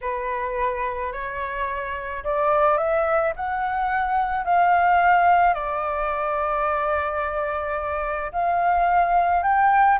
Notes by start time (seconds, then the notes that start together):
0.01 B4
1.12 C#5
2.23 D5
2.77 E5
3.36 F#5
4.44 F5
5.54 D5
8.32 F5
9.43 G5